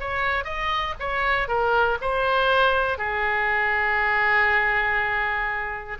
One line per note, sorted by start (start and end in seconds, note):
0.00 0.45 C#5
0.45 0.95 D#5
1.00 1.48 C#5
1.48 1.98 A#4
2.01 2.98 C5
2.98 5.98 G#4